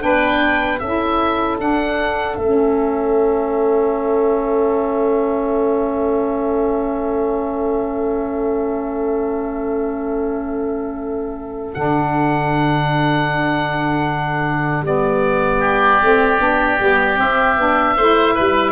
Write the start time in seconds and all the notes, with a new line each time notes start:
0.00 B3 D4 B4 G5
0.79 C#4 E4 A4 E5
1.59 D4 F#5
2.37 A3 C#4 E5
11.74 D3 D4 F#5
14.81 G3 B3 D5
15.60 G4
16.02 A3 C4
16.39 B3 D4
16.80 G3 B3
17.16 C4 E5
17.57 B3 D4
17.97 A3 E4 C5
18.35 G3 B4